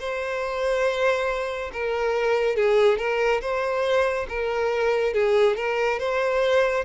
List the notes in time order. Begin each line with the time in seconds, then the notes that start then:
0.00 C5
1.73 A#4
2.56 G#4
2.98 A#4
3.41 C5
4.29 A#4
5.14 G#4
5.57 A#4
6.00 C5